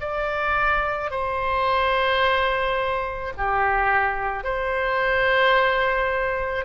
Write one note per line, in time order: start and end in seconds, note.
0.00 1.11 D5
1.11 3.33 C5
3.37 4.43 G4
4.43 6.65 C5